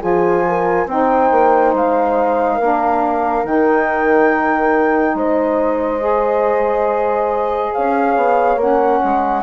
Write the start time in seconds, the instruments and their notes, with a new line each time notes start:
0.00 bassoon F3, saxophone F4, horn G#4, flute G#5
0.48 horn A#4
0.86 bassoon C4, saxophone D#4, horn C5, flute G5
1.31 bassoon A#3
1.74 bassoon G#3, flute F5
2.55 bassoon A#3, saxophone D4, horn A#4
3.44 bassoon D#3, saxophone D#4, flute G5
5.14 bassoon G#3, horn C5, flute D#5
6.00 saxophone G#4
7.73 bassoon C#4, horn C#5, flute F5
8.16 bassoon B3
8.56 bassoon A#3, saxophone C#4, flute F#5
9.04 bassoon G#3